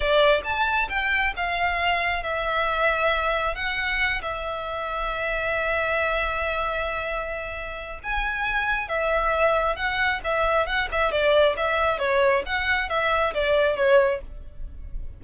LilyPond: \new Staff \with { instrumentName = "violin" } { \time 4/4 \tempo 4 = 135 d''4 a''4 g''4 f''4~ | f''4 e''2. | fis''4. e''2~ e''8~ | e''1~ |
e''2 gis''2 | e''2 fis''4 e''4 | fis''8 e''8 d''4 e''4 cis''4 | fis''4 e''4 d''4 cis''4 | }